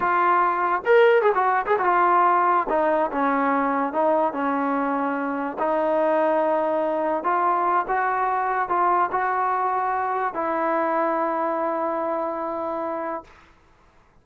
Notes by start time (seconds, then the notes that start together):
0.00 F4
0.85 A#4
1.22 G#4
1.34 F#4
1.66 G#4
1.78 F#4
1.84 F4
2.69 D#4
3.11 C#4
3.92 D#4
4.32 C#4
5.58 D#4
7.23 F4
7.88 F#4
8.68 F4
9.11 F#4
10.34 E4